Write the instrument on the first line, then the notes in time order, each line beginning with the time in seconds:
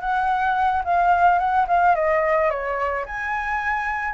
flute
0.00 F#5
0.84 F5
1.38 F#5
1.67 F5
1.95 D#5
2.50 C#5
3.05 G#5